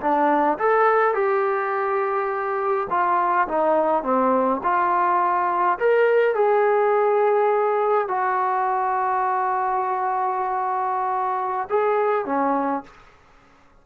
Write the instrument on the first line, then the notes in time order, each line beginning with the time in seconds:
trombone
0.00 D4
0.58 A4
1.14 G4
2.90 F4
3.48 D#4
4.03 C4
4.63 F4
5.79 A#4
6.35 G#4
8.08 F#4
11.69 G#4
12.25 C#4